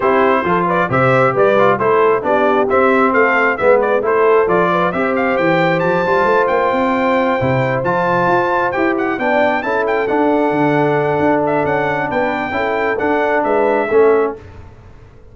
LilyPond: <<
  \new Staff \with { instrumentName = "trumpet" } { \time 4/4 \tempo 4 = 134 c''4. d''8 e''4 d''4 | c''4 d''4 e''4 f''4 | e''8 d''8 c''4 d''4 e''8 f''8 | g''4 a''4. g''4.~ |
g''4. a''2 g''8 | fis''8 g''4 a''8 g''8 fis''4.~ | fis''4. e''8 fis''4 g''4~ | g''4 fis''4 e''2 | }
  \new Staff \with { instrumentName = "horn" } { \time 4/4 g'4 a'8 b'8 c''4 b'4 | a'4 g'2 a'4 | b'4 a'4. b'8 c''4~ | c''1~ |
c''1~ | c''8 d''4 a'2~ a'8~ | a'2. b'4 | a'2 b'4 a'4 | }
  \new Staff \with { instrumentName = "trombone" } { \time 4/4 e'4 f'4 g'4. f'8 | e'4 d'4 c'2 | b4 e'4 f'4 g'4~ | g'4. f'2~ f'8~ |
f'8 e'4 f'2 g'8~ | g'8 d'4 e'4 d'4.~ | d'1 | e'4 d'2 cis'4 | }
  \new Staff \with { instrumentName = "tuba" } { \time 4/4 c'4 f4 c4 g4 | a4 b4 c'4 a4 | gis4 a4 f4 c'4 | e4 f8 g8 a8 ais8 c'4~ |
c'8 c4 f4 f'4 e'8~ | e'8 b4 cis'4 d'4 d8~ | d4 d'4 cis'4 b4 | cis'4 d'4 gis4 a4 | }
>>